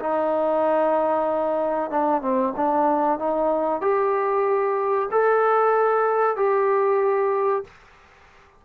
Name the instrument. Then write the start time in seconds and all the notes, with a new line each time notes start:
trombone
0.00 D#4
1.91 D4
2.22 C4
2.57 D4
3.19 D#4
3.82 G4
5.12 A4
6.37 G4